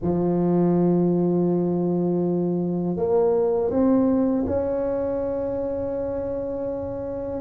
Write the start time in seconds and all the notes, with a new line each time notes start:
0.01 F3
2.96 A#3
3.70 C4
4.46 C#4